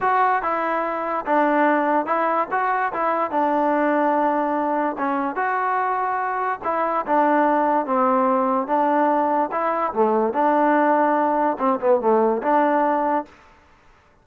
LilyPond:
\new Staff \with { instrumentName = "trombone" } { \time 4/4 \tempo 4 = 145 fis'4 e'2 d'4~ | d'4 e'4 fis'4 e'4 | d'1 | cis'4 fis'2. |
e'4 d'2 c'4~ | c'4 d'2 e'4 | a4 d'2. | c'8 b8 a4 d'2 | }